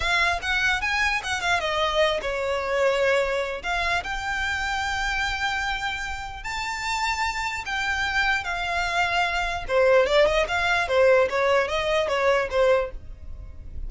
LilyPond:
\new Staff \with { instrumentName = "violin" } { \time 4/4 \tempo 4 = 149 f''4 fis''4 gis''4 fis''8 f''8 | dis''4. cis''2~ cis''8~ | cis''4 f''4 g''2~ | g''1 |
a''2. g''4~ | g''4 f''2. | c''4 d''8 dis''8 f''4 c''4 | cis''4 dis''4 cis''4 c''4 | }